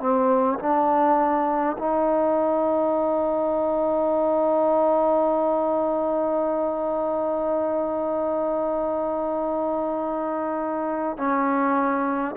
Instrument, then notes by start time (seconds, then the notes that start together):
trombone
0.00 C4
0.59 D4
1.79 D#4
11.18 C#4